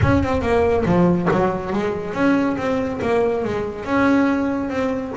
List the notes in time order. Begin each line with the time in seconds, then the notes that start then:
0.02 C#4
0.23 C4
0.41 A#3
0.85 F3
1.31 F#3
1.73 G#3
2.13 C#4
2.57 C4
3.01 A#3
3.44 G#3
3.84 C#4
4.69 C4